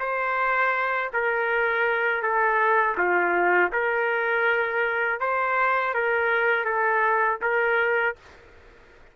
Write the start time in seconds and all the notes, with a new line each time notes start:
0.00 C5
1.13 A#4
2.23 A4
2.98 F4
3.72 A#4
5.20 C5
5.94 A#4
6.65 A4
7.42 A#4